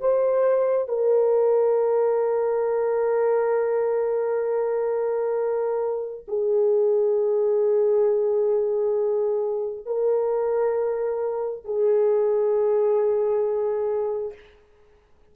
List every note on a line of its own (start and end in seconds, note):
0.00 0.88 C5
0.88 6.25 A#4
6.28 9.85 G#4
9.85 11.64 A#4
11.64 14.33 G#4